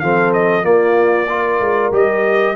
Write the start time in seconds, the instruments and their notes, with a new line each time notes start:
0.00 tuba F3, trombone C4, horn A4, trumpet F5
0.33 trumpet D#5
0.63 trombone A#3, tuba A#3, horn F4, trumpet D5
1.29 trombone F4, horn A#4
1.60 tuba G#3
1.92 tuba G3, trombone G4, trumpet D#5